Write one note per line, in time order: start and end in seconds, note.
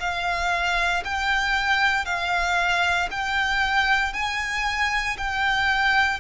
0.00 1.03 F5
1.05 2.05 G5
2.05 3.09 F5
3.11 4.13 G5
4.13 5.17 G#5
5.18 6.20 G5